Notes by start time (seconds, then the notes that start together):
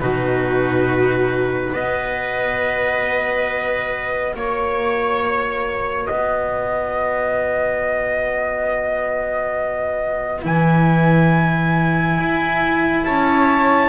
0.00 B2 D#4 F#4 B4
1.72 B3 F#4 B4 D#5
4.34 A#3 C#5
6.07 B3 B4 D#5
10.42 E3 E4 G#5
12.19 E4
13.05 C#4 C#5 A5